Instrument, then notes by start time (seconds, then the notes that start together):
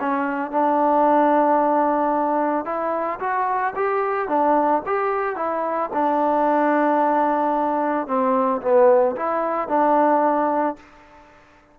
trombone
0.00 C#4
0.51 D4
2.65 E4
3.19 F#4
3.76 G4
4.28 D4
4.86 G4
5.36 E4
5.93 D4
8.07 C4
8.61 B3
9.16 E4
9.68 D4